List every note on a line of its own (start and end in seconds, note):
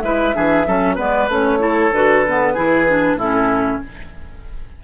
0.00 0.33 G#3
0.00 0.33 E4
0.00 0.36 B4
0.00 0.95 E5
0.33 0.67 E3
0.33 0.65 D4
0.33 0.67 G#4
0.66 0.98 F#3
0.66 0.96 C#4
0.66 0.95 A4
0.95 1.28 G#3
0.95 1.28 B3
0.95 1.58 B4
0.95 1.30 D5
1.28 1.91 A3
1.28 1.59 C#4
1.28 1.94 C#5
1.59 1.90 E4
1.59 2.53 A4
1.91 2.54 D3
1.91 2.26 F#4
1.91 3.18 B4
2.26 2.55 B3
2.53 3.15 E3
2.53 2.87 E4
2.53 3.16 G#4
2.87 3.19 D4
3.15 3.78 A2
3.15 3.83 C#4
3.15 3.81 E4
3.15 3.81 A4